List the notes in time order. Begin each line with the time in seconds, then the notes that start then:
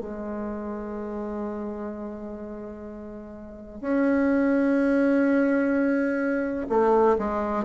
0.00 G#3
3.81 C#4
6.69 A3
7.18 G#3